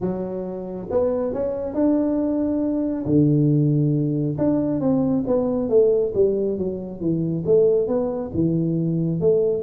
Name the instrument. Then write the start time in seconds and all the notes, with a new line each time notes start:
tuba
0.00 F#3
0.90 B3
1.33 C#4
1.74 D4
3.05 D3
4.38 D4
4.80 C4
5.26 B3
5.69 A3
6.14 G3
6.58 F#3
7.00 E3
7.46 A3
7.87 B3
8.34 E3
9.20 A3